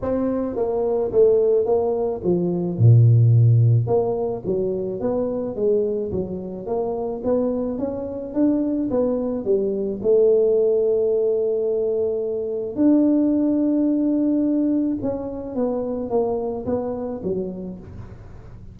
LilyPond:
\new Staff \with { instrumentName = "tuba" } { \time 4/4 \tempo 4 = 108 c'4 ais4 a4 ais4 | f4 ais,2 ais4 | fis4 b4 gis4 fis4 | ais4 b4 cis'4 d'4 |
b4 g4 a2~ | a2. d'4~ | d'2. cis'4 | b4 ais4 b4 fis4 | }